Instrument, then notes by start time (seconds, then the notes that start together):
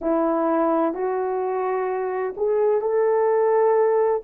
horn
0.01 E4
0.94 F#4
2.37 G#4
2.81 A4